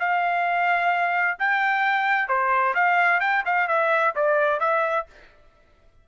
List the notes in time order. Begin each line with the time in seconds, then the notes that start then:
0.00 F5
1.40 G5
2.29 C5
2.75 F5
3.21 G5
3.46 F5
3.68 E5
4.16 D5
4.60 E5